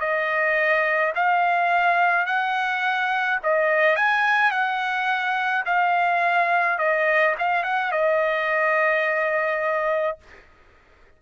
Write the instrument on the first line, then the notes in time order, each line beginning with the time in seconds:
trumpet
0.00 D#5
1.15 F5
2.26 F#5
3.43 D#5
3.96 G#5
4.51 F#5
5.66 F5
6.78 D#5
7.38 F5
7.63 F#5
7.91 D#5